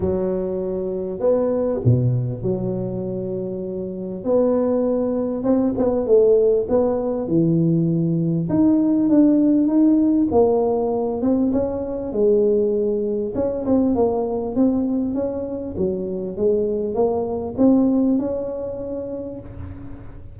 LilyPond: \new Staff \with { instrumentName = "tuba" } { \time 4/4 \tempo 4 = 99 fis2 b4 b,4 | fis2. b4~ | b4 c'8 b8 a4 b4 | e2 dis'4 d'4 |
dis'4 ais4. c'8 cis'4 | gis2 cis'8 c'8 ais4 | c'4 cis'4 fis4 gis4 | ais4 c'4 cis'2 | }